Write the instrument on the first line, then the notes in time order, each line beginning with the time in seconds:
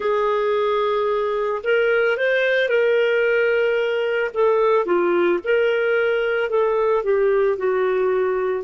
clarinet
0.00 G#4
1.63 A#4
2.17 C5
2.69 A#4
4.33 A4
4.85 F4
5.44 A#4
6.49 A4
7.03 G4
7.57 F#4